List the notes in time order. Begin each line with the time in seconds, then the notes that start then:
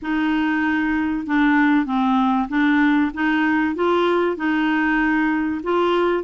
0.01 D#4
1.26 D4
1.85 C4
2.49 D4
3.13 D#4
3.75 F4
4.36 D#4
5.63 F4